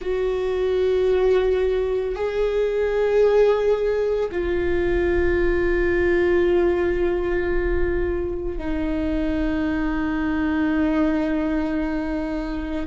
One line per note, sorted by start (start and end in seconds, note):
0.00 2.15 F#4
2.15 4.29 G#4
4.31 8.58 F4
8.58 12.86 D#4